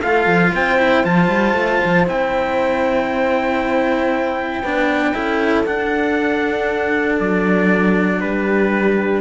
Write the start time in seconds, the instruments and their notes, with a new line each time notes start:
0.00 cello A3 F4, horn A4, trumpet F5
0.26 cello F3
0.55 cello C4, horn C5, trumpet G5
0.79 cello E4
1.04 cello F3 F4, trumpet A5
1.28 cello G3
1.54 cello A3
1.85 cello F3
2.07 cello C4 E4, trumpet G5
4.62 cello B3 D4, horn B4
5.14 cello C#4 E4, horn A4
5.66 cello D4, trumpet F#5
7.19 cello F#3, trumpet D5
8.21 cello G3, horn G4, trumpet B4